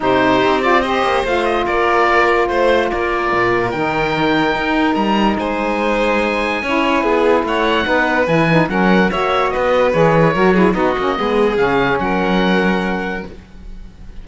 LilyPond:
<<
  \new Staff \with { instrumentName = "oboe" } { \time 4/4 \tempo 4 = 145 c''4. d''8 dis''4 f''8 dis''8 | d''2 c''4 d''4~ | d''4 g''2. | ais''4 gis''2.~ |
gis''2 fis''2 | gis''4 fis''4 e''4 dis''4 | cis''2 dis''2 | f''4 fis''2. | }
  \new Staff \with { instrumentName = "violin" } { \time 4/4 g'2 c''2 | ais'2 c''4 ais'4~ | ais'1~ | ais'4 c''2. |
cis''4 gis'4 cis''4 b'4~ | b'4 ais'4 cis''4 b'4~ | b'4 ais'8 gis'8 fis'4 gis'4~ | gis'4 ais'2. | }
  \new Staff \with { instrumentName = "saxophone" } { \time 4/4 dis'4. f'8 g'4 f'4~ | f'1~ | f'4 dis'2.~ | dis'1 |
e'2. dis'4 | e'8 dis'8 cis'4 fis'2 | gis'4 fis'8 e'8 dis'8 cis'8 b4 | cis'1 | }
  \new Staff \with { instrumentName = "cello" } { \time 4/4 c4 c'4. ais8 a4 | ais2 a4 ais4 | ais,4 dis2 dis'4 | g4 gis2. |
cis'4 b4 a4 b4 | e4 fis4 ais4 b4 | e4 fis4 b8 ais8 gis4 | cis4 fis2. | }
>>